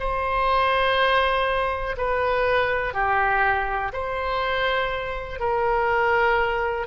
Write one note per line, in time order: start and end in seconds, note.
0.00 1.97 C5
1.98 2.94 B4
2.94 3.92 G4
3.93 5.40 C5
5.40 6.87 A#4